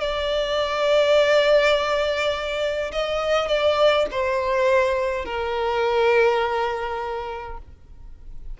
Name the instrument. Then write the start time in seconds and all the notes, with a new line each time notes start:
violin
0.00 D5
2.92 D#5
3.48 D5
4.11 C5
5.25 A#4